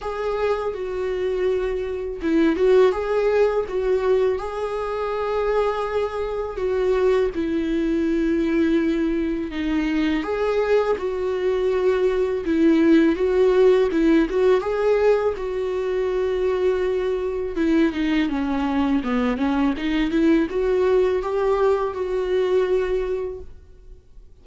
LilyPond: \new Staff \with { instrumentName = "viola" } { \time 4/4 \tempo 4 = 82 gis'4 fis'2 e'8 fis'8 | gis'4 fis'4 gis'2~ | gis'4 fis'4 e'2~ | e'4 dis'4 gis'4 fis'4~ |
fis'4 e'4 fis'4 e'8 fis'8 | gis'4 fis'2. | e'8 dis'8 cis'4 b8 cis'8 dis'8 e'8 | fis'4 g'4 fis'2 | }